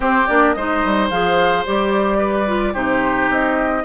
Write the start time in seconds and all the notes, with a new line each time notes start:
0.00 C4 G4 C5
0.27 A#3 D4 D5
0.53 G#3 D#4 C5 D#5
0.84 G3
1.10 F3 G#4 F5
1.65 G3 G4 D5
2.18 B4
2.47 F4
2.73 C3 D#4 G4 C5
3.29 C4 D#5